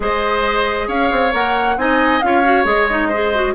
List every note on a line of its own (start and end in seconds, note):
0.00 0.87 G#3
0.00 1.31 G#4
0.00 0.87 C5
0.00 0.89 D#5
0.87 1.10 C#4
0.87 1.76 C#5
0.87 1.33 F5
1.11 1.33 C4
1.32 1.76 A#3
1.32 1.77 A#4
1.32 1.78 F#5
1.76 2.21 C4
1.76 2.22 D#4
1.76 2.25 D#5
1.76 2.20 G#5
2.20 2.64 C#4
2.20 2.43 F4
2.20 2.64 F5
2.26 3.08 C#5
2.43 2.64 F#4
2.64 3.53 G#3
2.64 2.86 G#4
2.64 3.54 D#5
2.89 3.11 D#4
3.08 3.34 G#4
3.08 3.53 C5
3.34 3.54 F#4